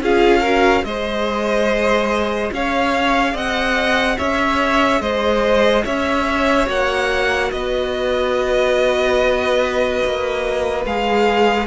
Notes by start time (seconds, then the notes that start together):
0.00 C#4 F4 G#4 F5
0.40 F#4 A#4
0.84 G#3 G#4 C5 D#5
2.52 C#4 C#5 F5
3.33 C4 D#5 F#5
4.18 C#4 C#5 E5
5.00 G#3 C5 D#5
5.84 C#4 C#5 E5
6.65 A#3 F#4 F#5
7.51 B3 B4 D#5
10.05 A#3
10.85 G#3 G#4 F5